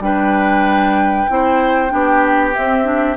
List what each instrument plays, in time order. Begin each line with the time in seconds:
0.00 bassoon G3, clarinet D4, oboe B4, flute G5
1.29 bassoon C4, clarinet E4, oboe C5
1.89 bassoon B3, clarinet D4, oboe G4
2.54 clarinet C4, bassoon C4, flute E5
2.84 clarinet D4